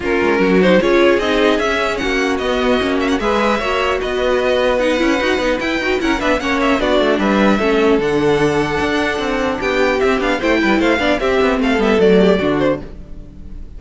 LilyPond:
<<
  \new Staff \with { instrumentName = "violin" } { \time 4/4 \tempo 4 = 150 ais'4. c''8 cis''4 dis''4 | e''4 fis''4 dis''4. e''16 fis''16 | e''2 dis''2 | fis''2 g''4 fis''8 e''8 |
fis''8 e''8 d''4 e''2 | fis''1 | g''4 e''8 f''8 g''4 f''4 | e''4 f''8 e''8 d''4. c''8 | }
  \new Staff \with { instrumentName = "violin" } { \time 4/4 f'4 fis'4 gis'2~ | gis'4 fis'2. | b'4 cis''4 b'2~ | b'2. ais'8 b'8 |
cis''4 fis'4 b'4 a'4~ | a'1 | g'2 c''8 b'8 c''8 d''8 | g'4 a'4. g'8 fis'4 | }
  \new Staff \with { instrumentName = "viola" } { \time 4/4 cis'4. dis'8 f'4 dis'4 | cis'2 b4 cis'4 | gis'4 fis'2. | dis'8 e'8 fis'8 dis'8 e'8 fis'8 e'8 d'8 |
cis'4 d'2 cis'4 | d'1~ | d'4 c'8 d'8 e'4. d'8 | c'4. b8 a4 d'4 | }
  \new Staff \with { instrumentName = "cello" } { \time 4/4 ais8 gis8 fis4 cis'4 c'4 | cis'4 ais4 b4 ais4 | gis4 ais4 b2~ | b8 cis'8 dis'8 b8 e'8 dis'8 cis'8 b8 |
ais4 b8 a8 g4 a4 | d2 d'4 c'4 | b4 c'8 b8 a8 g8 a8 b8 | c'8 b8 a8 g8 fis4 d4 | }
>>